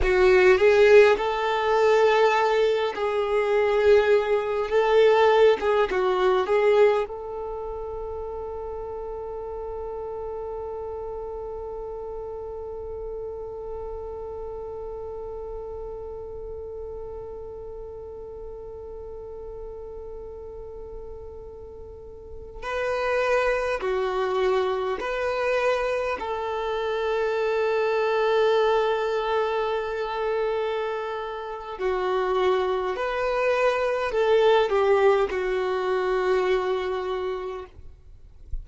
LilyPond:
\new Staff \with { instrumentName = "violin" } { \time 4/4 \tempo 4 = 51 fis'8 gis'8 a'4. gis'4. | a'8. gis'16 fis'8 gis'8 a'2~ | a'1~ | a'1~ |
a'2.~ a'16 b'8.~ | b'16 fis'4 b'4 a'4.~ a'16~ | a'2. fis'4 | b'4 a'8 g'8 fis'2 | }